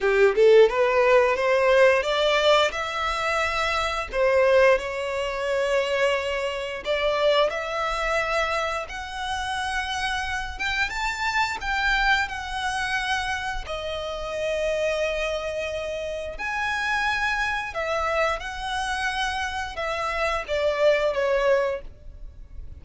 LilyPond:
\new Staff \with { instrumentName = "violin" } { \time 4/4 \tempo 4 = 88 g'8 a'8 b'4 c''4 d''4 | e''2 c''4 cis''4~ | cis''2 d''4 e''4~ | e''4 fis''2~ fis''8 g''8 |
a''4 g''4 fis''2 | dis''1 | gis''2 e''4 fis''4~ | fis''4 e''4 d''4 cis''4 | }